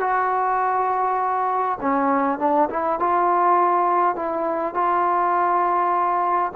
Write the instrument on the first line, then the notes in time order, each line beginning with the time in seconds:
trombone
0.00 F#4
1.81 C#4
2.39 D4
2.69 E4
2.99 F4
4.16 E4
4.74 F4